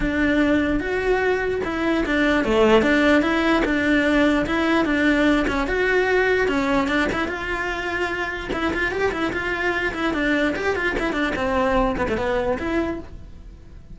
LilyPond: \new Staff \with { instrumentName = "cello" } { \time 4/4 \tempo 4 = 148 d'2 fis'2 | e'4 d'4 a4 d'4 | e'4 d'2 e'4 | d'4. cis'8 fis'2 |
cis'4 d'8 e'8 f'2~ | f'4 e'8 f'8 g'8 e'8 f'4~ | f'8 e'8 d'4 g'8 f'8 e'8 d'8 | c'4. b16 a16 b4 e'4 | }